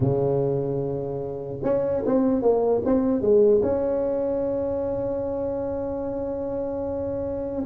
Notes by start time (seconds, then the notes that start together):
0.00 C#3
1.63 C#4
2.05 C4
2.42 A#3
2.85 C4
3.21 G#3
3.62 C#4